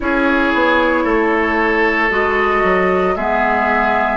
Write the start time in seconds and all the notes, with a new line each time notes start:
0.00 C#4 E4 G#4 C#5
0.53 B3
1.04 A3 A4
2.10 G#3 F#4 D#5
2.63 F#3
3.16 G#3 B3 G#4 E5